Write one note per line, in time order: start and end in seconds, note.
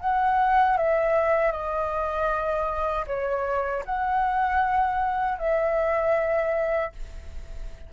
0.00 0.77 F#5
0.77 1.51 E5
1.51 3.06 D#5
3.07 3.84 C#5
3.85 5.38 F#5
5.38 6.92 E5